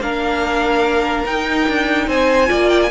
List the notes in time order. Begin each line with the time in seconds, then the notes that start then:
0.00 A#3 D4 A#4 F5
1.26 D#4 G5
1.68 D4
2.07 C4 C5 G#5
2.46 A#3 F4 D5
2.69 G5
2.82 G#5